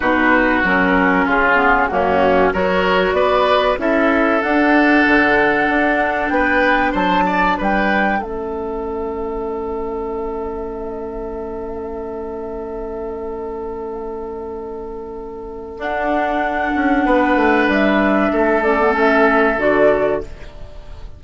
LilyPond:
<<
  \new Staff \with { instrumentName = "flute" } { \time 4/4 \tempo 4 = 95 b'4 ais'4 gis'4 fis'4 | cis''4 d''4 e''4 fis''4~ | fis''2 g''4 a''4 | g''4 e''2.~ |
e''1~ | e''1~ | e''4 fis''2. | e''4. d''8 e''4 d''4 | }
  \new Staff \with { instrumentName = "oboe" } { \time 4/4 fis'2 f'4 cis'4 | ais'4 b'4 a'2~ | a'2 b'4 c''8 d''8 | b'4 a'2.~ |
a'1~ | a'1~ | a'2. b'4~ | b'4 a'2. | }
  \new Staff \with { instrumentName = "clarinet" } { \time 4/4 dis'4 cis'4. b8 ais4 | fis'2 e'4 d'4~ | d'1~ | d'4 cis'2.~ |
cis'1~ | cis'1~ | cis'4 d'2.~ | d'4. cis'16 b16 cis'4 fis'4 | }
  \new Staff \with { instrumentName = "bassoon" } { \time 4/4 b,4 fis4 cis4 fis,4 | fis4 b4 cis'4 d'4 | d4 d'4 b4 fis4 | g4 a2.~ |
a1~ | a1~ | a4 d'4. cis'8 b8 a8 | g4 a2 d4 | }
>>